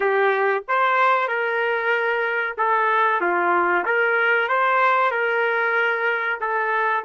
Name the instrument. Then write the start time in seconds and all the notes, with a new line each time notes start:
trumpet
0.00 G4
0.67 C5
1.28 A#4
2.57 A4
3.20 F4
3.85 A#4
4.48 C5
5.11 A#4
6.40 A4